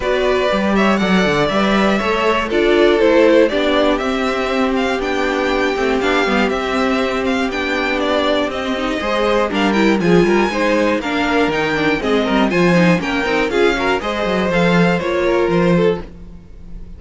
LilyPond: <<
  \new Staff \with { instrumentName = "violin" } { \time 4/4 \tempo 4 = 120 d''4. e''8 fis''4 e''4~ | e''4 d''4 c''4 d''4 | e''4. f''8 g''2 | f''4 e''4. f''8 g''4 |
d''4 dis''2 f''8 g''8 | gis''2 f''4 g''4 | dis''4 gis''4 g''4 f''4 | dis''4 f''4 cis''4 c''4 | }
  \new Staff \with { instrumentName = "violin" } { \time 4/4 b'4. cis''8 d''2 | cis''4 a'2 g'4~ | g'1~ | g'1~ |
g'2 c''4 ais'4 | gis'8 ais'8 c''4 ais'2 | gis'8 ais'8 c''4 ais'4 gis'8 ais'8 | c''2~ c''8 ais'4 a'8 | }
  \new Staff \with { instrumentName = "viola" } { \time 4/4 fis'4 g'4 a'4 b'4 | a'4 f'4 e'4 d'4 | c'2 d'4. c'8 | d'8 b8 c'2 d'4~ |
d'4 c'8 dis'8 gis'4 d'8 e'8 | f'4 dis'4 d'4 dis'8 d'8 | c'4 f'8 dis'8 cis'8 dis'8 f'8 fis'8 | gis'4 a'4 f'2 | }
  \new Staff \with { instrumentName = "cello" } { \time 4/4 b4 g4 fis8 d8 g4 | a4 d'4 a4 b4 | c'2 b4. a8 | b8 g8 c'2 b4~ |
b4 c'4 gis4 g4 | f8 g8 gis4 ais4 dis4 | gis8 g8 f4 ais8 c'8 cis'4 | gis8 fis8 f4 ais4 f4 | }
>>